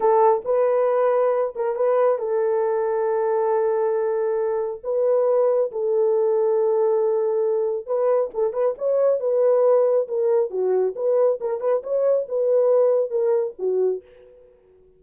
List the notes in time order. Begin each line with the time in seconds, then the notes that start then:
0.00 A4
0.44 B4
1.55 A#4
1.75 B4
2.18 A4
4.83 B4
5.71 A4
7.86 B4
8.34 A4
8.53 B4
8.78 C#5
9.20 B4
10.07 A#4
10.50 F#4
10.95 B4
11.40 A#4
11.60 B4
11.83 C#5
12.28 B4
13.10 A#4
13.58 F#4